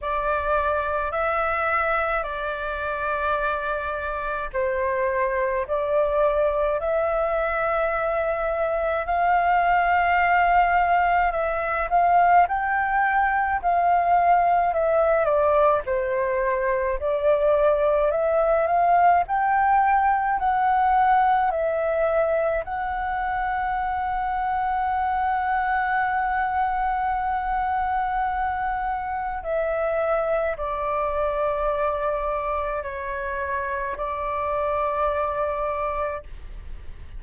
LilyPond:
\new Staff \with { instrumentName = "flute" } { \time 4/4 \tempo 4 = 53 d''4 e''4 d''2 | c''4 d''4 e''2 | f''2 e''8 f''8 g''4 | f''4 e''8 d''8 c''4 d''4 |
e''8 f''8 g''4 fis''4 e''4 | fis''1~ | fis''2 e''4 d''4~ | d''4 cis''4 d''2 | }